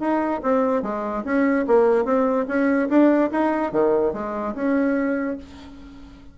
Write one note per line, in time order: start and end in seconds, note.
0.00 0.41 D#4
0.43 0.83 C4
0.83 1.24 G#3
1.25 1.66 C#4
1.67 2.05 A#3
2.05 2.46 C4
2.48 2.89 C#4
2.90 3.31 D4
3.32 3.72 D#4
3.72 4.13 D#3
4.14 4.55 G#3
4.55 5.37 C#4